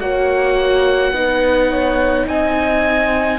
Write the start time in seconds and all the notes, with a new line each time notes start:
0.00 A#3 F#4 C#5 F#5
1.12 B3 D#4 B4
1.70 C#5
2.27 C4 D#5 G#5